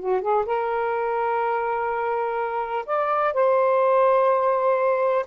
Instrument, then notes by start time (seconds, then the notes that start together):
saxophone
0.00 F#4
0.21 G#4
0.46 A#4
2.86 D5
3.34 C5